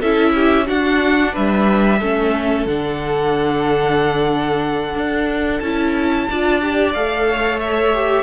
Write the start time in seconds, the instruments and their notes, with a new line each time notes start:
0.00 cello C#4, viola E4, violin A4 E5
0.35 violin G4
0.66 viola D4, cello D4, violin F#4 F#5
1.33 cello G3, violin B4 E5
1.99 cello A3, viola C#4, violin A4
2.66 cello D3, viola D4, violin F#5
4.95 cello D4
5.60 cello C#4, viola E4, violin A5
6.30 cello D4, viola F4, violin D5
6.62 viola G4
6.94 cello A3, viola A4, violin F5
7.28 violin C#5
7.60 violin E5
7.94 viola G4